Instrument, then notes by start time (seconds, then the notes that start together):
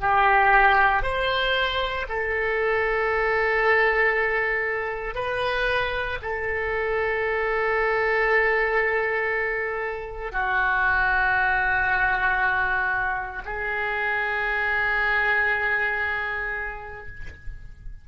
oboe
0.00 G4
1.02 C5
2.08 A4
5.14 B4
6.22 A4
10.32 F#4
13.45 G#4